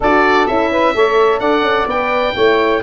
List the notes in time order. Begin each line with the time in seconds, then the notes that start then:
0.00 D4 F#4 A4 D5
0.46 C#4 E4 E5
0.70 B4
0.94 A3 A4 C#5
1.39 D4 D5 F#5
1.61 C#4
1.86 B3 B4 G5
2.34 A3 E4 C#5